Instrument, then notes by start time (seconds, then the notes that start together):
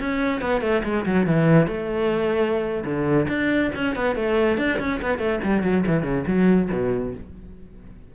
cello
0.00 C#4
0.42 B3
0.61 A3
0.84 G#3
1.06 F#3
1.26 E3
1.67 A3
2.85 D3
3.29 D4
3.75 C#4
3.96 B3
4.16 A3
4.58 D4
4.79 C#4
5.02 B3
5.19 A3
5.44 G3
5.63 F#3
5.87 E3
6.03 C#3
6.27 F#3
6.72 B2